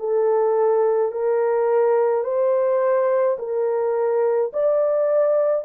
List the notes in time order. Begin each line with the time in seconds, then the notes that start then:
0.00 A4
1.12 A#4
2.24 C5
3.39 A#4
4.53 D5